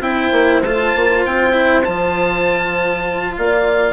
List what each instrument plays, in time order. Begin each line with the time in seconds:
0.00 bassoon C4, cello E4, horn C5, oboe G5
0.32 bassoon A#3
0.62 bassoon A3, cello F4, oboe A5
0.96 bassoon A#3
1.26 bassoon C4, oboe G5
1.53 cello E4
1.84 bassoon F3, cello F4, oboe A5
3.37 bassoon A#3, horn D5, oboe F5